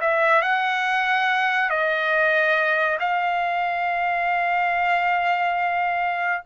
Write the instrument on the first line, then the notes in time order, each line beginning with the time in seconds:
trumpet
0.00 E5
0.41 F#5
1.69 D#5
3.00 F5